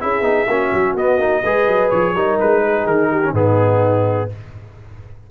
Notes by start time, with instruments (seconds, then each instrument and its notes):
0.00 tuba C#4, trombone E4, horn G#4, trumpet E5
0.21 tuba B3, trombone D#4
0.47 tuba A#3, trombone C#4, horn F#4
0.73 tuba F#3
0.94 tuba B3, trombone B3, trumpet D#5
1.18 tuba A#3, trombone D#4
1.42 tuba G#3, trombone G#4, horn B4
1.67 tuba F#3
1.90 tuba F3, trumpet C#5
2.14 tuba G3, trombone D#4, horn A#4
2.40 tuba G#3, trumpet B4
2.64 horn G#4
2.86 tuba D#3, trumpet A#4
3.10 horn G4
3.24 trombone C#4
3.31 tuba G#2, trombone B3, horn D#4, trumpet G#4